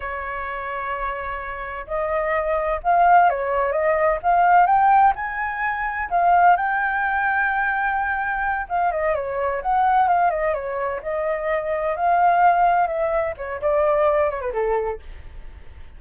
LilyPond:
\new Staff \with { instrumentName = "flute" } { \time 4/4 \tempo 4 = 128 cis''1 | dis''2 f''4 cis''4 | dis''4 f''4 g''4 gis''4~ | gis''4 f''4 g''2~ |
g''2~ g''8 f''8 dis''8 cis''8~ | cis''8 fis''4 f''8 dis''8 cis''4 dis''8~ | dis''4. f''2 e''8~ | e''8 cis''8 d''4. cis''16 b'16 a'4 | }